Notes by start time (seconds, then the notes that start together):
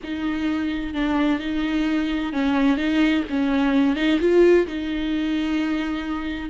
0.03 D#4
0.93 D4
1.39 D#4
2.32 C#4
2.77 D#4
3.29 C#4
3.96 D#4
4.20 F4
4.66 D#4